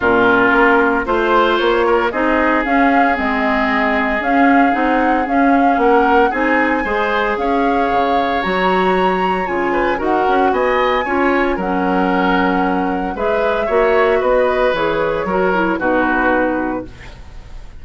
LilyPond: <<
  \new Staff \with { instrumentName = "flute" } { \time 4/4 \tempo 4 = 114 ais'2 c''4 cis''4 | dis''4 f''4 dis''2 | f''4 fis''4 f''4 fis''4 | gis''2 f''2 |
ais''2 gis''4 fis''4 | gis''2 fis''2~ | fis''4 e''2 dis''4 | cis''2 b'2 | }
  \new Staff \with { instrumentName = "oboe" } { \time 4/4 f'2 c''4. ais'8 | gis'1~ | gis'2. ais'4 | gis'4 c''4 cis''2~ |
cis''2~ cis''8 b'8 ais'4 | dis''4 cis''4 ais'2~ | ais'4 b'4 cis''4 b'4~ | b'4 ais'4 fis'2 | }
  \new Staff \with { instrumentName = "clarinet" } { \time 4/4 cis'2 f'2 | dis'4 cis'4 c'2 | cis'4 dis'4 cis'2 | dis'4 gis'2. |
fis'2 f'4 fis'4~ | fis'4 f'4 cis'2~ | cis'4 gis'4 fis'2 | gis'4 fis'8 e'8 dis'2 | }
  \new Staff \with { instrumentName = "bassoon" } { \time 4/4 ais,4 ais4 a4 ais4 | c'4 cis'4 gis2 | cis'4 c'4 cis'4 ais4 | c'4 gis4 cis'4 cis4 |
fis2 cis4 dis'8 cis'8 | b4 cis'4 fis2~ | fis4 gis4 ais4 b4 | e4 fis4 b,2 | }
>>